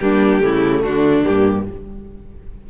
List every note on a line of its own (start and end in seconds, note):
0.00 0.42 G3
0.00 0.42 A#3
0.00 0.44 D4
0.00 0.83 G4
0.42 0.83 C#3
0.42 1.24 A3
0.42 0.84 E4
0.83 1.24 D3
0.83 1.67 D4
0.83 1.24 F#4
1.24 1.70 G2
1.24 1.66 A#3
1.24 1.65 G4